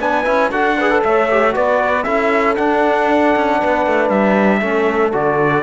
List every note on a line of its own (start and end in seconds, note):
0.00 0.26 B3
0.00 0.25 D4
0.00 0.52 B4
0.00 0.52 G#5
0.25 0.52 C#4
0.25 0.51 E4
0.52 1.03 D4
0.52 0.78 F#4
0.52 0.77 A4
0.52 1.03 F#5
0.79 0.91 G#4
0.79 1.05 B4
0.91 1.29 A4
1.04 1.56 A3
1.04 1.55 C#5
1.04 1.55 E5
1.31 1.53 G4
1.53 2.06 B3
1.53 2.04 F#4
1.53 2.05 B4
1.53 2.04 D5
2.04 2.57 C#4
2.04 2.57 E4
2.04 3.59 A4
2.04 2.55 E5
2.56 4.62 D4
2.56 3.36 D4
2.56 4.10 F#5
3.36 3.62 C#4
3.59 3.87 B3
3.59 4.61 B4
3.87 4.10 A3
4.10 4.62 G3
4.10 5.12 E5
4.61 5.13 A3
4.61 5.13 C#4
4.61 5.63 A4
5.13 5.63 D3
5.13 5.63 F#4
5.13 5.63 D5